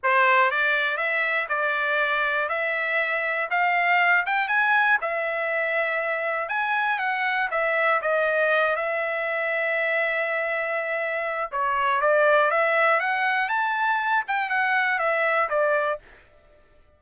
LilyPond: \new Staff \with { instrumentName = "trumpet" } { \time 4/4 \tempo 4 = 120 c''4 d''4 e''4 d''4~ | d''4 e''2 f''4~ | f''8 g''8 gis''4 e''2~ | e''4 gis''4 fis''4 e''4 |
dis''4. e''2~ e''8~ | e''2. cis''4 | d''4 e''4 fis''4 a''4~ | a''8 g''8 fis''4 e''4 d''4 | }